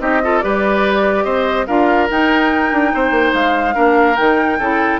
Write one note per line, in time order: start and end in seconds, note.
0.00 0.42 C4
0.00 0.21 D#4
0.00 0.22 G4
0.00 0.40 D#5
0.23 0.42 F4
0.23 0.44 A4
0.40 1.25 G3
0.40 1.67 G4
0.40 1.24 B4
0.40 1.23 D5
1.23 1.66 C4
1.23 1.66 C5
1.23 1.65 D#5
1.66 2.09 D4
1.66 2.09 F4
1.66 2.92 A#4
1.66 2.08 F5
2.09 3.73 D#4
2.09 2.72 D#4
2.09 3.34 G5
2.72 2.92 D4
2.94 3.11 C4
2.94 3.75 C5
3.11 3.31 A#3
3.34 3.75 G#3
3.34 4.16 F5
3.73 4.19 A#3
3.73 4.15 D4
3.73 4.58 A#4
4.16 4.59 D#3
4.16 4.59 D#4
4.16 4.99 G5
4.59 4.99 C#3
4.59 4.99 E4
4.59 4.99 A4